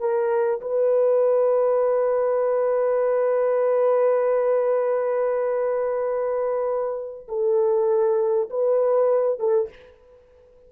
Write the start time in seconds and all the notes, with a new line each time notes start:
0.00 A#4
0.61 B4
7.29 A4
8.50 B4
9.39 A4